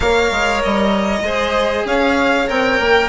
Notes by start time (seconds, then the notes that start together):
0.00 A#3 A#4 C#5 F5
0.31 G#3
0.62 G3 D#5
1.21 G#3 G#4 C5
1.84 C#4 C#5 F5
2.47 C4 A#4 G5
2.79 A#3